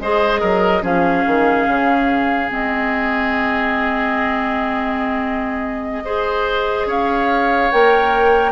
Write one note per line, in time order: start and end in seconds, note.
0.00 0.42 G#3
0.00 0.82 G#4
0.00 0.40 C5
0.00 0.84 D#5
0.40 0.83 F#3
0.40 0.82 A#4
0.82 1.24 F3
0.82 2.49 C#4
0.82 6.03 G#4
0.82 2.51 F5
1.26 1.67 D#3
1.67 2.50 C#3
2.49 6.86 G#3
2.49 6.03 C4
2.49 6.89 D#5
6.05 7.71 G#4
6.05 6.87 C5
6.86 7.69 C#4
6.86 8.51 C#5
6.86 7.71 F5
7.71 8.51 A#3
7.71 8.51 A#4
7.71 8.51 G5